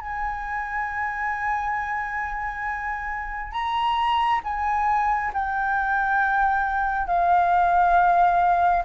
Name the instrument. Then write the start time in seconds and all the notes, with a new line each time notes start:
flute
0.00 G#5
3.52 A#5
4.44 G#5
5.33 G5
7.07 F5